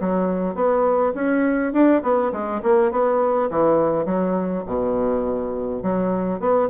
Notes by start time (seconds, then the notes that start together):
0.00 F#3
0.55 B3
1.14 C#4
1.73 D4
2.02 B3
2.32 G#3
2.63 A#3
2.91 B3
3.50 E3
4.05 F#3
4.66 B2
5.82 F#3
6.39 B3